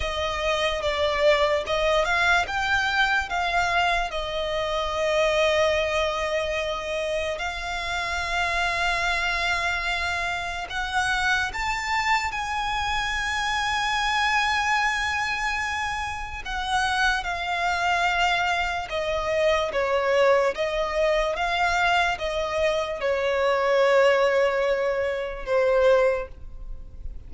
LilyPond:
\new Staff \with { instrumentName = "violin" } { \time 4/4 \tempo 4 = 73 dis''4 d''4 dis''8 f''8 g''4 | f''4 dis''2.~ | dis''4 f''2.~ | f''4 fis''4 a''4 gis''4~ |
gis''1 | fis''4 f''2 dis''4 | cis''4 dis''4 f''4 dis''4 | cis''2. c''4 | }